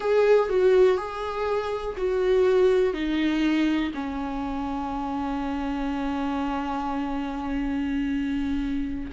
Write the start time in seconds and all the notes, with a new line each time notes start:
0.00 G#4
0.49 F#4
0.97 G#4
1.97 F#4
2.93 D#4
3.94 C#4